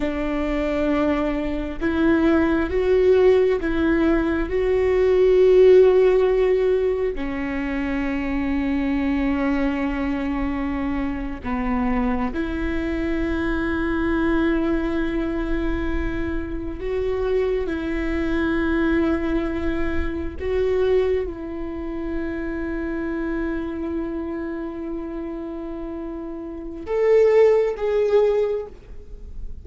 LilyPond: \new Staff \with { instrumentName = "viola" } { \time 4/4 \tempo 4 = 67 d'2 e'4 fis'4 | e'4 fis'2. | cis'1~ | cis'8. b4 e'2~ e'16~ |
e'2~ e'8. fis'4 e'16~ | e'2~ e'8. fis'4 e'16~ | e'1~ | e'2 a'4 gis'4 | }